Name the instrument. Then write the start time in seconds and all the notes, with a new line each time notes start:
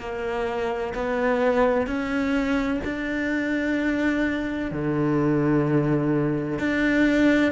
cello
0.00 A#3
0.95 B3
1.87 C#4
2.85 D4
4.72 D3
6.59 D4